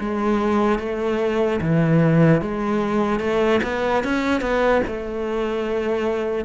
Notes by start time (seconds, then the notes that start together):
0.00 G#3
0.79 A3
1.61 E3
2.41 G#3
3.20 A3
3.63 B3
4.04 C#4
4.41 B3
4.87 A3